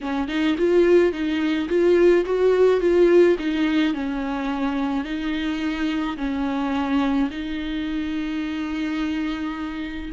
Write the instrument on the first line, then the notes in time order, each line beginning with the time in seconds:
viola
0.00 C#4
0.28 D#4
0.58 F4
1.12 D#4
1.68 F4
2.25 F#4
2.80 F4
3.38 D#4
3.94 C#4
5.04 D#4
6.17 C#4
7.30 D#4